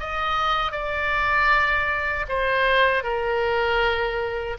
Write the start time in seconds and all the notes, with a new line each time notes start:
0.00 D#5
0.72 D5
2.29 C5
3.04 A#4